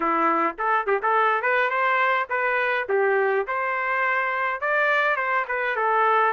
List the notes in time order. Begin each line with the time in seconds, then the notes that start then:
0.00 E4
0.58 A4
0.86 G4
1.02 A4
1.42 B4
1.70 C5
2.29 B4
2.88 G4
3.47 C5
4.60 D5
5.16 C5
5.48 B4
5.76 A4